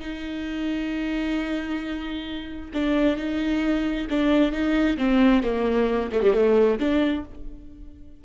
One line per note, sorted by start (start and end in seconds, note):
0.00 2.71 D#4
2.74 3.17 D4
3.17 4.07 D#4
4.10 4.52 D4
4.52 4.97 D#4
4.98 5.43 C4
5.43 6.10 A#3
6.12 6.23 A3
6.23 6.34 G3
6.34 6.79 A3
6.79 7.24 D4